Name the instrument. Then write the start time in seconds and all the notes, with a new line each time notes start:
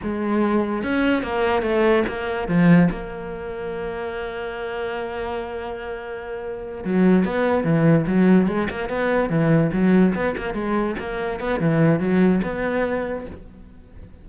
cello
0.02 G#3
0.83 C#4
1.22 A#3
1.62 A3
2.07 A#3
2.48 F3
2.91 A#3
6.84 F#3
7.24 B3
7.64 E3
8.06 F#3
8.47 G#3
8.70 A#3
8.89 B3
9.29 E3
9.73 F#3
10.14 B3
10.37 A#3
10.54 G#3
10.99 A#3
11.40 B3
11.60 E3
11.99 F#3
12.43 B3